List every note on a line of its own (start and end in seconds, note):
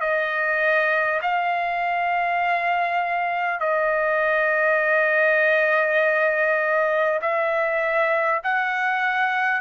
0.00 1.20 D#5
1.22 3.60 F5
3.60 7.20 D#5
7.22 8.42 E5
8.43 9.61 F#5